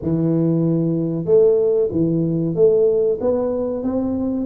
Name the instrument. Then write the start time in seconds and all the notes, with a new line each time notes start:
tuba
0.02 E3
1.25 A3
1.91 E3
2.55 A3
3.21 B3
3.83 C4